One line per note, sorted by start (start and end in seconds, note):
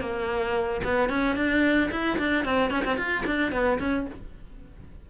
0.00 0.81 A#3
0.84 1.09 B3
1.09 1.36 C#4
1.36 1.90 D4
1.91 2.18 E4
2.18 2.45 D4
2.45 2.70 C4
2.70 2.84 C#4
2.85 2.97 C4
2.97 3.24 F4
3.26 3.52 D4
3.52 3.79 B3
3.79 4.06 C#4